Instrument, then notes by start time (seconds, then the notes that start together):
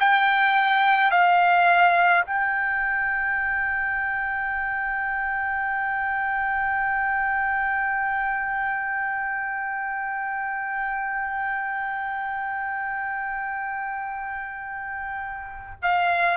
trumpet
0.00 G5
1.11 F5
2.26 G5
15.82 F5